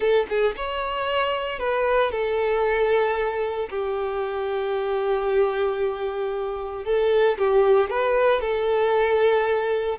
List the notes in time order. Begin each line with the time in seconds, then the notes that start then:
0.00 A4
0.29 G#4
0.56 C#5
1.59 B4
2.11 A4
3.69 G4
6.84 A4
7.38 G4
7.90 B4
8.40 A4